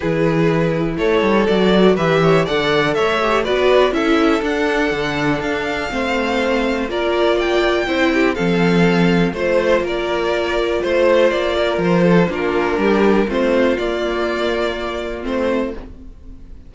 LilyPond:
<<
  \new Staff \with { instrumentName = "violin" } { \time 4/4 \tempo 4 = 122 b'2 cis''4 d''4 | e''4 fis''4 e''4 d''4 | e''4 fis''2 f''4~ | f''2 d''4 g''4~ |
g''4 f''2 c''4 | d''2 c''4 d''4 | c''4 ais'2 c''4 | d''2. c''4 | }
  \new Staff \with { instrumentName = "violin" } { \time 4/4 gis'2 a'2 | b'8 cis''8 d''4 cis''4 b'4 | a'1 | c''2 ais'4 d''4 |
c''8 g'8 a'2 c''4 | ais'2 c''4. ais'8~ | ais'8 a'8 f'4 g'4 f'4~ | f'1 | }
  \new Staff \with { instrumentName = "viola" } { \time 4/4 e'2. fis'4 | g'4 a'4. g'8 fis'4 | e'4 d'2. | c'2 f'2 |
e'4 c'2 f'4~ | f'1~ | f'4 d'2 c'4 | ais2. c'4 | }
  \new Staff \with { instrumentName = "cello" } { \time 4/4 e2 a8 g8 fis4 | e4 d4 a4 b4 | cis'4 d'4 d4 d'4 | a2 ais2 |
c'4 f2 a4 | ais2 a4 ais4 | f4 ais4 g4 a4 | ais2. a4 | }
>>